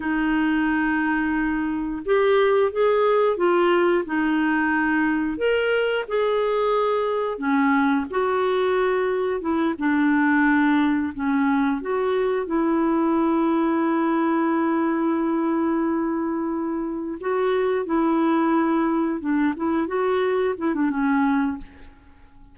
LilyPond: \new Staff \with { instrumentName = "clarinet" } { \time 4/4 \tempo 4 = 89 dis'2. g'4 | gis'4 f'4 dis'2 | ais'4 gis'2 cis'4 | fis'2 e'8 d'4.~ |
d'8 cis'4 fis'4 e'4.~ | e'1~ | e'4. fis'4 e'4.~ | e'8 d'8 e'8 fis'4 e'16 d'16 cis'4 | }